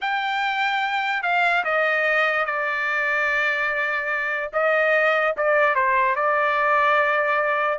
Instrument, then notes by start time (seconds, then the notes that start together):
trumpet
0.01 G5
1.22 F5
1.64 D#5
2.45 D5
4.52 D#5
5.36 D5
5.75 C5
6.15 D5